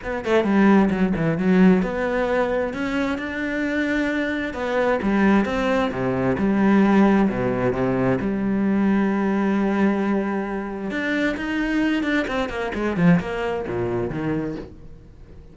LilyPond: \new Staff \with { instrumentName = "cello" } { \time 4/4 \tempo 4 = 132 b8 a8 g4 fis8 e8 fis4 | b2 cis'4 d'4~ | d'2 b4 g4 | c'4 c4 g2 |
b,4 c4 g2~ | g1 | d'4 dis'4. d'8 c'8 ais8 | gis8 f8 ais4 ais,4 dis4 | }